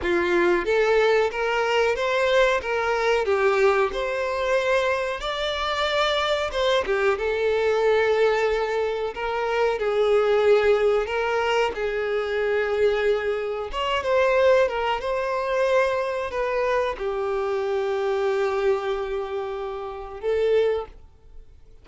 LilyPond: \new Staff \with { instrumentName = "violin" } { \time 4/4 \tempo 4 = 92 f'4 a'4 ais'4 c''4 | ais'4 g'4 c''2 | d''2 c''8 g'8 a'4~ | a'2 ais'4 gis'4~ |
gis'4 ais'4 gis'2~ | gis'4 cis''8 c''4 ais'8 c''4~ | c''4 b'4 g'2~ | g'2. a'4 | }